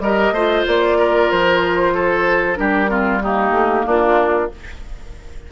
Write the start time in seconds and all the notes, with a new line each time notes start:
0.00 G3 G4 A#4 D#5
0.32 A3 F4 C5
0.68 A#3 D5
0.98 A#4
1.31 F3 C5
1.95 A4
2.55 G3 D4 G4 A#4
2.88 C4 F4
3.22 A#3 D#4 G4
3.51 A3
3.86 A#3 D4 F4